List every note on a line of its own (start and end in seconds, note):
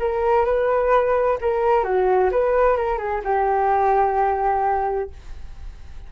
0.00 0.45 A#4
0.45 1.38 B4
1.41 1.84 A#4
1.84 2.31 F#4
2.32 2.77 B4
2.77 2.99 A#4
2.99 3.22 G#4
3.24 5.10 G4